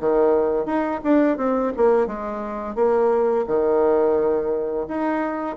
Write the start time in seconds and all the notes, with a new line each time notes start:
0.00 D#3
0.66 D#4
1.04 D4
1.37 C4
1.77 A#3
2.07 G#3
2.75 A#3
3.47 D#3
4.88 D#4